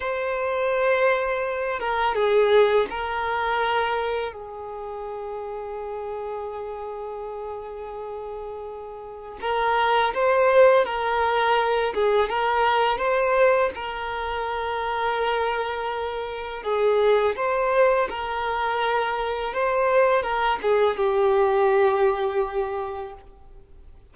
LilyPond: \new Staff \with { instrumentName = "violin" } { \time 4/4 \tempo 4 = 83 c''2~ c''8 ais'8 gis'4 | ais'2 gis'2~ | gis'1~ | gis'4 ais'4 c''4 ais'4~ |
ais'8 gis'8 ais'4 c''4 ais'4~ | ais'2. gis'4 | c''4 ais'2 c''4 | ais'8 gis'8 g'2. | }